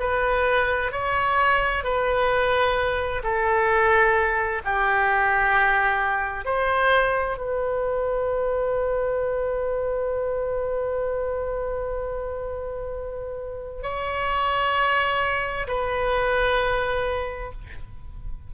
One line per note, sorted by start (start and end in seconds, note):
0.00 0.92 B4
0.92 1.84 C#5
1.84 3.23 B4
3.23 4.62 A4
4.65 6.45 G4
6.45 7.38 C5
7.38 13.83 B4
13.83 15.67 C#5
15.68 17.52 B4